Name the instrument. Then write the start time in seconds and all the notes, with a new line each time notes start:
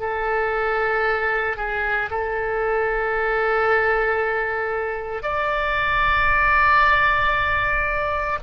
oboe
0.00 A4
1.57 G#4
2.11 A4
5.23 D5